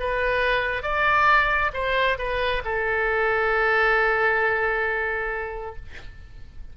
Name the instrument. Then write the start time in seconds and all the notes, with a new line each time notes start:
oboe
0.00 B4
0.83 D5
1.74 C5
2.18 B4
2.65 A4